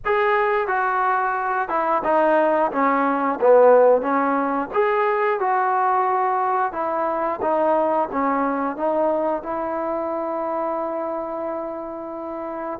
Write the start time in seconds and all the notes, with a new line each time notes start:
0.05 G#4
0.67 F#4
1.68 E4
2.03 D#4
2.71 C#4
3.40 B3
4.01 C#4
4.73 G#4
5.39 F#4
6.72 E4
7.41 D#4
8.12 C#4
8.76 D#4
9.43 E4